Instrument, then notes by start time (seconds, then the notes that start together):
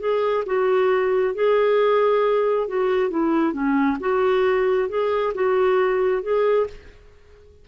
clarinet
0.00 G#4
0.46 F#4
1.35 G#4
2.68 F#4
3.10 E4
3.53 C#4
4.00 F#4
4.89 G#4
5.35 F#4
6.23 G#4